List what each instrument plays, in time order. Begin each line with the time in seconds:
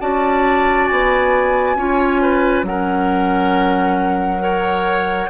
0.00 bassoon C#4, clarinet F#4, oboe D5, flute A5
0.88 bassoon B3, flute G#5
1.75 bassoon C#4, clarinet F4, oboe C#5
2.22 oboe B4
2.63 bassoon F#3, clarinet C#4, oboe A#4, flute F#5
4.39 clarinet A#4, oboe C#5